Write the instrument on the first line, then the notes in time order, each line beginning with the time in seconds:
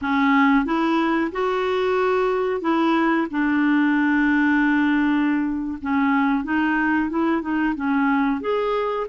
clarinet
0.01 C#4
0.65 E4
1.32 F#4
2.61 E4
3.31 D4
5.81 C#4
6.43 D#4
7.09 E4
7.41 D#4
7.75 C#4
8.41 G#4